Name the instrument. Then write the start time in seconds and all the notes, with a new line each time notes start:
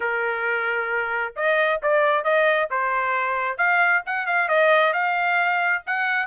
trumpet
0.00 A#4
1.36 D#5
1.82 D5
2.23 D#5
2.70 C5
3.57 F5
4.06 F#5
4.26 F5
4.48 D#5
4.93 F5
5.86 F#5